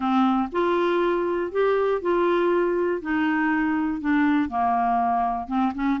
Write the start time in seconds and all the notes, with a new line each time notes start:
0.00 C4
0.51 F4
1.51 G4
2.01 F4
3.01 D#4
4.00 D4
4.49 A#3
5.47 C4
5.75 C#4